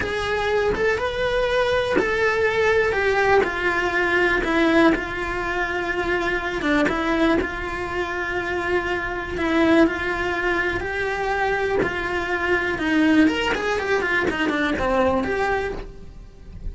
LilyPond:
\new Staff \with { instrumentName = "cello" } { \time 4/4 \tempo 4 = 122 gis'4. a'8 b'2 | a'2 g'4 f'4~ | f'4 e'4 f'2~ | f'4. d'8 e'4 f'4~ |
f'2. e'4 | f'2 g'2 | f'2 dis'4 ais'8 gis'8 | g'8 f'8 dis'8 d'8 c'4 g'4 | }